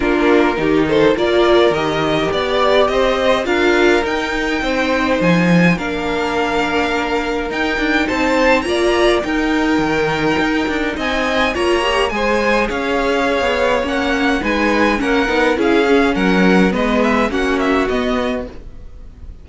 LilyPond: <<
  \new Staff \with { instrumentName = "violin" } { \time 4/4 \tempo 4 = 104 ais'4. c''8 d''4 dis''4 | d''4 dis''4 f''4 g''4~ | g''4 gis''4 f''2~ | f''4 g''4 a''4 ais''4 |
g''2. gis''4 | ais''4 gis''4 f''2 | fis''4 gis''4 fis''4 f''4 | fis''4 dis''8 e''8 fis''8 e''8 dis''4 | }
  \new Staff \with { instrumentName = "violin" } { \time 4/4 f'4 g'8 a'8 ais'2 | d''4 c''4 ais'2 | c''2 ais'2~ | ais'2 c''4 d''4 |
ais'2. dis''4 | cis''4 c''4 cis''2~ | cis''4 b'4 ais'4 gis'4 | ais'4 b'4 fis'2 | }
  \new Staff \with { instrumentName = "viola" } { \time 4/4 d'4 dis'4 f'4 g'4~ | g'2 f'4 dis'4~ | dis'2 d'2~ | d'4 dis'2 f'4 |
dis'1 | f'8 g'8 gis'2. | cis'4 dis'4 cis'8 dis'8 e'8 cis'8~ | cis'4 b4 cis'4 b4 | }
  \new Staff \with { instrumentName = "cello" } { \time 4/4 ais4 dis4 ais4 dis4 | b4 c'4 d'4 dis'4 | c'4 f4 ais2~ | ais4 dis'8 d'8 c'4 ais4 |
dis'4 dis4 dis'8 d'8 c'4 | ais4 gis4 cis'4~ cis'16 b8. | ais4 gis4 ais8 b8 cis'4 | fis4 gis4 ais4 b4 | }
>>